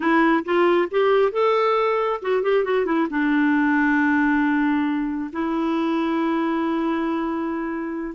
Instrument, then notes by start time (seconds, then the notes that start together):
clarinet
0.00 E4
0.44 F4
0.90 G4
1.32 A4
2.22 F#4
2.43 G4
2.64 F#4
2.85 E4
3.10 D4
5.32 E4